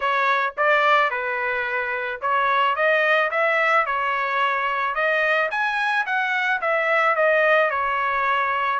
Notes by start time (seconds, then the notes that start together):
0.00 C#5
0.57 D5
1.10 B4
2.21 C#5
2.75 D#5
3.31 E5
3.86 C#5
4.94 D#5
5.50 G#5
6.06 F#5
6.61 E5
7.15 D#5
7.70 C#5